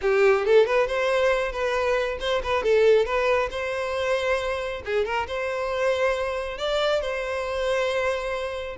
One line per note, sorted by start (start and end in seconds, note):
0.01 0.45 G4
0.45 0.66 A4
0.66 0.87 B4
0.87 1.52 C5
1.52 2.17 B4
2.20 2.41 C5
2.43 2.63 B4
2.63 3.05 A4
3.05 3.49 B4
3.50 4.82 C5
4.85 5.05 G#4
5.05 5.27 A#4
5.27 6.58 C5
6.58 7.01 D5
7.01 8.76 C5